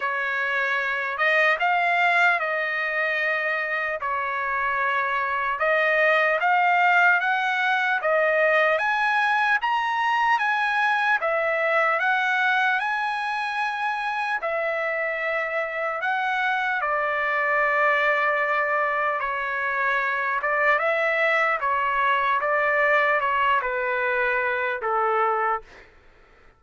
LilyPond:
\new Staff \with { instrumentName = "trumpet" } { \time 4/4 \tempo 4 = 75 cis''4. dis''8 f''4 dis''4~ | dis''4 cis''2 dis''4 | f''4 fis''4 dis''4 gis''4 | ais''4 gis''4 e''4 fis''4 |
gis''2 e''2 | fis''4 d''2. | cis''4. d''8 e''4 cis''4 | d''4 cis''8 b'4. a'4 | }